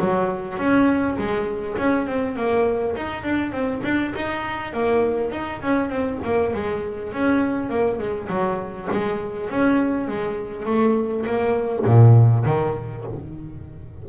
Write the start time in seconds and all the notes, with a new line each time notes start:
0.00 F#3
0.58 C#4
1.18 G#3
1.78 C#4
2.07 C4
2.37 A#3
2.96 D#4
3.24 D4
3.52 C4
3.84 D4
4.16 D#4
4.74 A#3
5.32 D#4
5.62 C#4
5.90 C4
6.25 A#3
6.54 G#3
7.13 C#4
7.70 A#3
7.99 G#3
8.30 F#3
8.92 G#3
9.50 C#4
10.09 G#3
10.66 A3
11.26 A#3
11.86 A#2
12.46 D#3